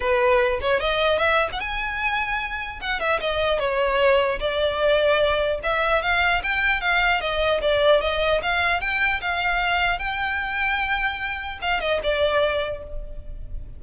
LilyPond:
\new Staff \with { instrumentName = "violin" } { \time 4/4 \tempo 4 = 150 b'4. cis''8 dis''4 e''8. fis''16 | gis''2. fis''8 e''8 | dis''4 cis''2 d''4~ | d''2 e''4 f''4 |
g''4 f''4 dis''4 d''4 | dis''4 f''4 g''4 f''4~ | f''4 g''2.~ | g''4 f''8 dis''8 d''2 | }